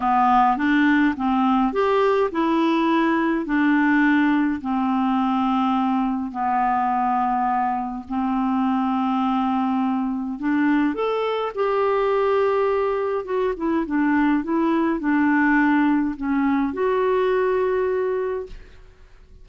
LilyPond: \new Staff \with { instrumentName = "clarinet" } { \time 4/4 \tempo 4 = 104 b4 d'4 c'4 g'4 | e'2 d'2 | c'2. b4~ | b2 c'2~ |
c'2 d'4 a'4 | g'2. fis'8 e'8 | d'4 e'4 d'2 | cis'4 fis'2. | }